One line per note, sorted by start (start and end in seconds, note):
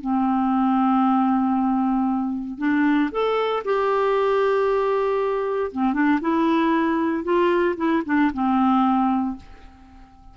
0.00 2.58 C4
2.58 3.10 D4
3.11 3.63 A4
3.64 5.71 G4
5.71 5.93 C4
5.93 6.19 D4
6.21 7.23 E4
7.23 7.75 F4
7.76 8.02 E4
8.05 8.31 D4
8.33 9.36 C4